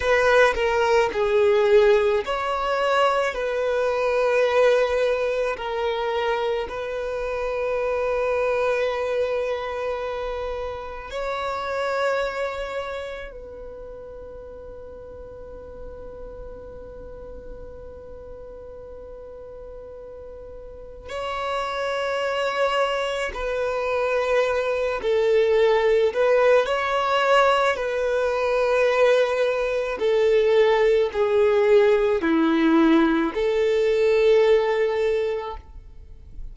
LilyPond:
\new Staff \with { instrumentName = "violin" } { \time 4/4 \tempo 4 = 54 b'8 ais'8 gis'4 cis''4 b'4~ | b'4 ais'4 b'2~ | b'2 cis''2 | b'1~ |
b'2. cis''4~ | cis''4 b'4. a'4 b'8 | cis''4 b'2 a'4 | gis'4 e'4 a'2 | }